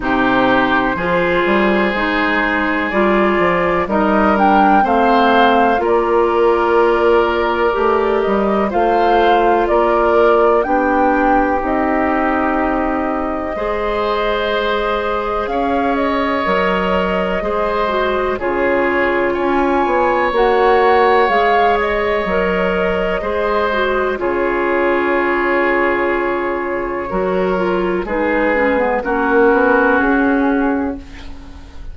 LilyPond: <<
  \new Staff \with { instrumentName = "flute" } { \time 4/4 \tempo 4 = 62 c''2. d''4 | dis''8 g''8 f''4 d''2~ | d''8 dis''8 f''4 d''4 g''4 | dis''1 |
f''8 dis''2~ dis''8 cis''4 | gis''4 fis''4 f''8 dis''4.~ | dis''4 cis''2.~ | cis''4 b'4 ais'4 gis'4 | }
  \new Staff \with { instrumentName = "oboe" } { \time 4/4 g'4 gis'2. | ais'4 c''4 ais'2~ | ais'4 c''4 ais'4 g'4~ | g'2 c''2 |
cis''2 c''4 gis'4 | cis''1 | c''4 gis'2. | ais'4 gis'4 fis'2 | }
  \new Staff \with { instrumentName = "clarinet" } { \time 4/4 dis'4 f'4 dis'4 f'4 | dis'8 d'8 c'4 f'2 | g'4 f'2 d'4 | dis'2 gis'2~ |
gis'4 ais'4 gis'8 fis'8 f'4~ | f'4 fis'4 gis'4 ais'4 | gis'8 fis'8 f'2. | fis'8 f'8 dis'8 cis'16 b16 cis'2 | }
  \new Staff \with { instrumentName = "bassoon" } { \time 4/4 c4 f8 g8 gis4 g8 f8 | g4 a4 ais2 | a8 g8 a4 ais4 b4 | c'2 gis2 |
cis'4 fis4 gis4 cis4 | cis'8 b8 ais4 gis4 fis4 | gis4 cis2. | fis4 gis4 ais8 b8 cis'4 | }
>>